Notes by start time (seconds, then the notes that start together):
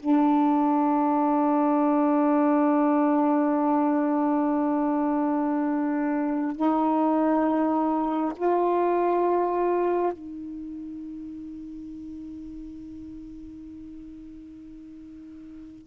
0.00 D4
6.57 D#4
8.36 F4
10.13 D#4